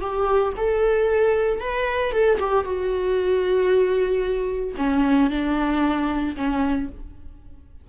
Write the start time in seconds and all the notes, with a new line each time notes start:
0.00 G4
0.56 A4
1.60 B4
2.12 A4
2.39 G4
2.64 F#4
4.77 C#4
5.30 D4
6.36 C#4